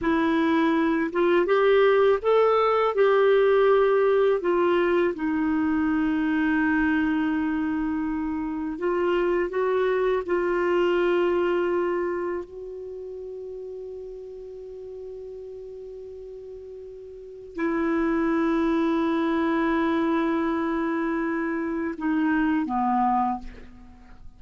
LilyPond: \new Staff \with { instrumentName = "clarinet" } { \time 4/4 \tempo 4 = 82 e'4. f'8 g'4 a'4 | g'2 f'4 dis'4~ | dis'1 | f'4 fis'4 f'2~ |
f'4 fis'2.~ | fis'1 | e'1~ | e'2 dis'4 b4 | }